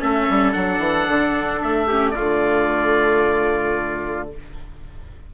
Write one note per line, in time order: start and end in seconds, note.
0.00 0.29 A3
0.00 0.53 C#4
0.00 1.87 A4
0.00 0.53 E5
0.30 0.56 G3
0.53 0.79 F#3
0.53 1.87 D4
0.53 1.60 F#5
0.79 1.06 E3
1.09 1.62 D3
1.62 2.17 A3
1.62 2.11 E5
1.87 2.15 C#4
1.87 2.14 G4
2.11 4.29 A3
2.11 4.30 F4
2.11 4.25 D5
2.20 4.34 D3